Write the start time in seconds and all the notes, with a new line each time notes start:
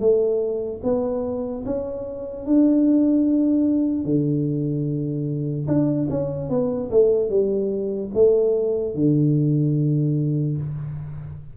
0.00 A3
0.83 B3
1.65 C#4
2.46 D4
4.05 D3
5.67 D4
6.10 C#4
6.49 B3
6.91 A3
7.29 G3
8.14 A3
8.95 D3